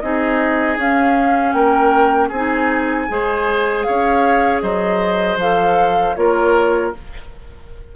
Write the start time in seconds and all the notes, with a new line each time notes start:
0.00 C4 D#4 G#4 D#5
0.77 C#4 F5
1.52 A#3 A#4 G5
2.29 C4 D#4 G#4 G#5
3.09 G#3 G#4 C5
3.83 C#4 C#5 F5
4.61 F#3 C5 D#5
5.36 F3 A4 F5
6.16 A#3 F4 A#4 C#5